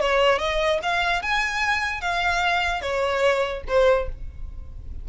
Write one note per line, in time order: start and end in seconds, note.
0.00 0.39 C#5
0.39 0.79 D#5
0.82 1.22 F5
1.22 2.01 G#5
2.01 2.81 F5
2.81 3.63 C#5
3.68 4.09 C5